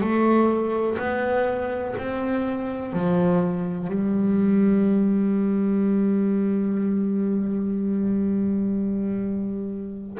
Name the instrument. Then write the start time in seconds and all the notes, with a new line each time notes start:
double bass
0.00 A3
0.98 B3
1.97 C4
2.93 F3
3.88 G3